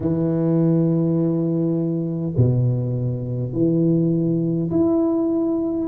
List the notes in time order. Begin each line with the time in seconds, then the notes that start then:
0.00 E3
2.36 B2
3.52 E3
4.71 E4